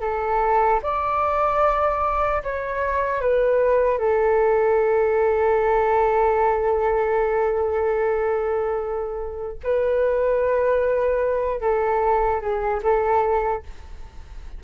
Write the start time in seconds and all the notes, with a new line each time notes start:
0.00 A4
0.82 D5
2.43 C#5
3.21 B4
3.98 A4
9.63 B4
11.61 A4
12.41 G#4
12.83 A4